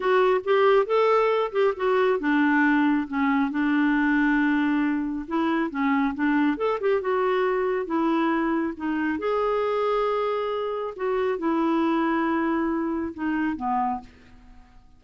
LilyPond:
\new Staff \with { instrumentName = "clarinet" } { \time 4/4 \tempo 4 = 137 fis'4 g'4 a'4. g'8 | fis'4 d'2 cis'4 | d'1 | e'4 cis'4 d'4 a'8 g'8 |
fis'2 e'2 | dis'4 gis'2.~ | gis'4 fis'4 e'2~ | e'2 dis'4 b4 | }